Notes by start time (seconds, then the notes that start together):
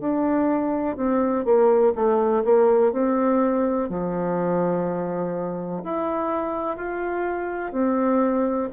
0.00 D4
0.96 C4
1.44 A#3
1.95 A3
2.44 A#3
2.92 C4
3.89 F3
5.83 E4
6.77 F4
7.72 C4